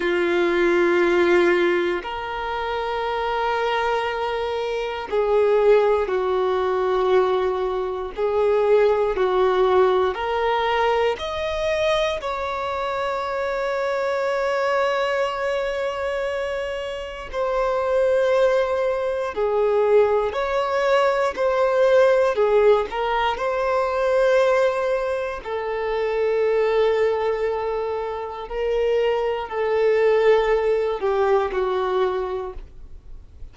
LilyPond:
\new Staff \with { instrumentName = "violin" } { \time 4/4 \tempo 4 = 59 f'2 ais'2~ | ais'4 gis'4 fis'2 | gis'4 fis'4 ais'4 dis''4 | cis''1~ |
cis''4 c''2 gis'4 | cis''4 c''4 gis'8 ais'8 c''4~ | c''4 a'2. | ais'4 a'4. g'8 fis'4 | }